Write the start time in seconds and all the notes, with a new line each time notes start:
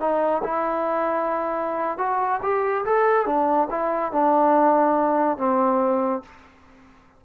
0.00 D#4
0.44 E4
1.98 F#4
2.43 G4
2.85 A4
3.26 D4
3.71 E4
4.12 D4
5.38 C4